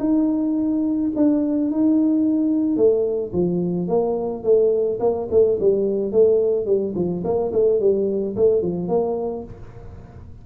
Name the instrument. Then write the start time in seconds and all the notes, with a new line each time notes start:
tuba
0.00 D#4
1.16 D4
1.71 D#4
2.77 A3
3.33 F3
3.88 A#3
4.44 A3
5.01 A#3
5.32 A3
5.61 G3
6.12 A3
6.66 G3
6.96 F3
7.25 A#3
7.53 A3
7.81 G3
8.37 A3
8.62 F3
8.89 A#3